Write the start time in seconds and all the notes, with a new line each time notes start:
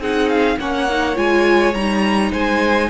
0.00 C4 D#4 G#4 F#5
0.30 F5
0.59 A#3 C#4 C#5 F#5
0.90 D#4
1.16 G#3 F4 G#5
1.75 G3 D#4 A#5
2.32 G#3 C5 G#5